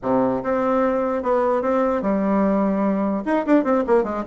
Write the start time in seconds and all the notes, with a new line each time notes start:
0.02 C3
0.43 C4
1.22 B3
1.62 C4
2.02 G3
3.25 D#4
3.46 D4
3.64 C4
3.86 A#3
4.03 G#3